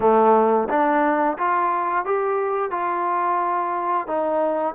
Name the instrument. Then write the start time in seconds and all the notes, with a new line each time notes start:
trombone
0.00 A3
0.69 D4
1.38 F4
2.05 G4
2.71 F4
4.07 D#4